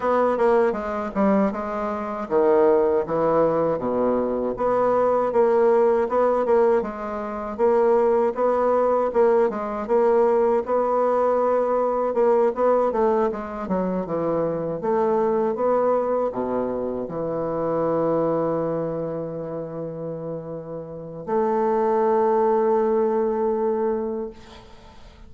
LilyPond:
\new Staff \with { instrumentName = "bassoon" } { \time 4/4 \tempo 4 = 79 b8 ais8 gis8 g8 gis4 dis4 | e4 b,4 b4 ais4 | b8 ais8 gis4 ais4 b4 | ais8 gis8 ais4 b2 |
ais8 b8 a8 gis8 fis8 e4 a8~ | a8 b4 b,4 e4.~ | e1 | a1 | }